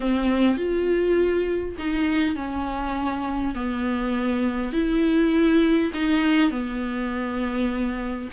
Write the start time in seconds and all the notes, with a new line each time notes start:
0.00 C4
0.57 F4
1.78 D#4
2.35 C#4
3.55 B3
4.73 E4
5.94 D#4
6.50 B3